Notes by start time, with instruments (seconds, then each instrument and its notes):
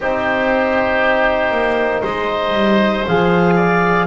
0.00 double bass C4, trombone D#4, oboe G4, clarinet C5
1.51 double bass A#3
2.01 double bass G#3, oboe C5, clarinet D#5
2.52 double bass G3
3.07 double bass F3, trombone G#4, clarinet F5
3.56 oboe D5